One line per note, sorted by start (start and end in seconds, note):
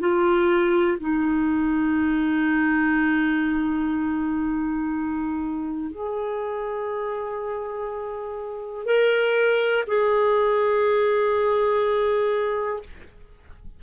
0.00 0.98 F4
1.01 5.92 D#4
5.92 8.86 G#4
8.86 9.85 A#4
9.88 12.83 G#4